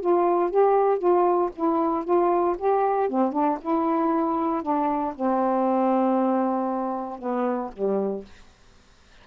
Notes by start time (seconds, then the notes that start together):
0.00 F4
0.50 G4
0.98 F4
1.55 E4
2.04 F4
2.58 G4
3.09 C4
3.32 D4
3.61 E4
4.62 D4
5.15 C4
7.19 B3
7.73 G3